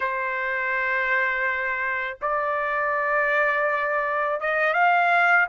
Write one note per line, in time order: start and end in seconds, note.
0.00 2.18 C5
2.22 4.40 D5
4.40 4.73 D#5
4.73 5.46 F5